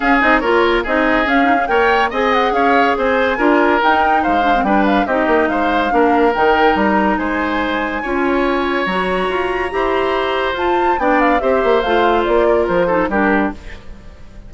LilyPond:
<<
  \new Staff \with { instrumentName = "flute" } { \time 4/4 \tempo 4 = 142 f''8 dis''8 cis''4 dis''4 f''4 | g''4 gis''8 fis''8 f''4 gis''4~ | gis''4 g''4 f''4 g''8 f''8 | dis''4 f''2 g''4 |
ais''4 gis''2.~ | gis''4 ais''2.~ | ais''4 a''4 g''8 f''8 e''4 | f''4 d''4 c''4 ais'4 | }
  \new Staff \with { instrumentName = "oboe" } { \time 4/4 gis'4 ais'4 gis'2 | cis''4 dis''4 cis''4 c''4 | ais'2 c''4 b'4 | g'4 c''4 ais'2~ |
ais'4 c''2 cis''4~ | cis''2. c''4~ | c''2 d''4 c''4~ | c''4. ais'4 a'8 g'4 | }
  \new Staff \with { instrumentName = "clarinet" } { \time 4/4 cis'8 dis'8 f'4 dis'4 cis'8 dis'16 cis'16 | ais'4 gis'2. | f'4 dis'4. d'16 c'16 d'4 | dis'2 d'4 dis'4~ |
dis'2. f'4~ | f'4 fis'2 g'4~ | g'4 f'4 d'4 g'4 | f'2~ f'8 dis'8 d'4 | }
  \new Staff \with { instrumentName = "bassoon" } { \time 4/4 cis'8 c'8 ais4 c'4 cis'4 | ais4 c'4 cis'4 c'4 | d'4 dis'4 gis4 g4 | c'8 ais8 gis4 ais4 dis4 |
g4 gis2 cis'4~ | cis'4 fis4 f'4 e'4~ | e'4 f'4 b4 c'8 ais8 | a4 ais4 f4 g4 | }
>>